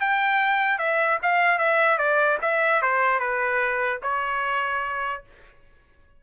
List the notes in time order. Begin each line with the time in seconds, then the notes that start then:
0.00 G5
0.78 E5
1.22 F5
1.58 E5
1.98 D5
2.41 E5
2.82 C5
3.19 B4
4.02 C#5